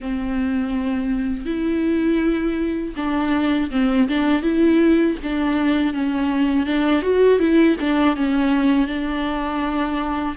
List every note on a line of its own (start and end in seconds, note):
0.00 1.45 C4
1.45 2.94 E4
2.96 3.70 D4
3.70 4.07 C4
4.08 4.42 D4
4.42 5.16 E4
5.23 5.93 D4
5.93 6.65 C#4
6.65 7.02 D4
7.02 7.39 F#4
7.39 7.76 E4
7.80 8.15 D4
8.15 8.87 C#4
8.87 10.35 D4